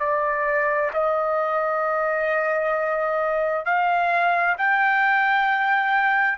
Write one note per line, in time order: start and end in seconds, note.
0.00 0.91 D5
0.94 3.65 D#5
3.65 4.56 F5
4.58 6.38 G5